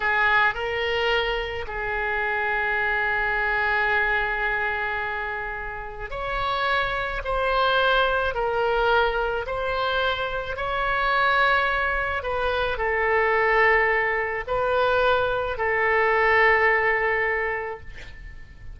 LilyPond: \new Staff \with { instrumentName = "oboe" } { \time 4/4 \tempo 4 = 108 gis'4 ais'2 gis'4~ | gis'1~ | gis'2. cis''4~ | cis''4 c''2 ais'4~ |
ais'4 c''2 cis''4~ | cis''2 b'4 a'4~ | a'2 b'2 | a'1 | }